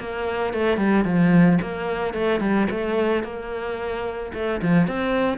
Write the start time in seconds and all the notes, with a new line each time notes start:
0.00 A#3
0.54 A3
0.78 G3
1.05 F3
1.62 A#3
2.14 A3
2.40 G3
2.71 A3
3.23 A#3
4.34 A3
4.62 F3
4.88 C4